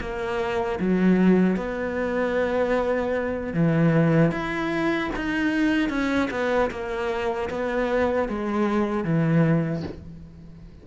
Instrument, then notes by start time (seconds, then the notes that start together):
cello
0.00 A#3
0.80 F#3
1.56 B3
3.53 E3
4.31 E4
5.16 D#4
5.90 C#4
6.31 B3
6.70 A#3
7.50 B3
8.29 G#3
9.04 E3